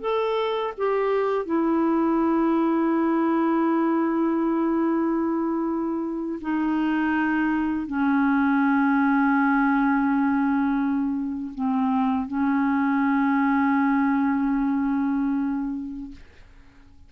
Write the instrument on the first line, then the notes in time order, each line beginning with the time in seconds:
clarinet
0.00 A4
0.77 G4
1.45 E4
6.41 D#4
7.86 C#4
11.54 C4
12.27 C#4